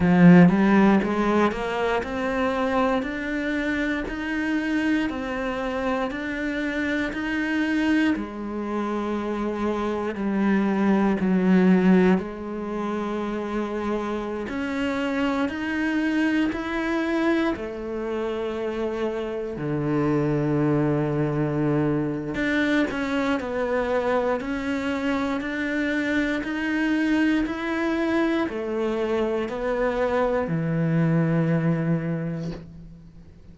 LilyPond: \new Staff \with { instrumentName = "cello" } { \time 4/4 \tempo 4 = 59 f8 g8 gis8 ais8 c'4 d'4 | dis'4 c'4 d'4 dis'4 | gis2 g4 fis4 | gis2~ gis16 cis'4 dis'8.~ |
dis'16 e'4 a2 d8.~ | d2 d'8 cis'8 b4 | cis'4 d'4 dis'4 e'4 | a4 b4 e2 | }